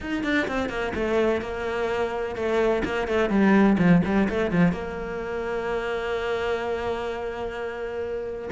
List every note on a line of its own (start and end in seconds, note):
0.00 0.23 D#4
0.23 0.47 D4
0.47 0.69 C4
0.69 0.92 A#3
0.94 1.41 A3
1.41 2.35 A#3
2.35 2.82 A3
2.84 3.07 A#3
3.07 3.29 A3
3.29 3.76 G3
3.78 4.01 F3
4.04 4.28 G3
4.29 4.51 A3
4.51 4.72 F3
4.72 8.50 A#3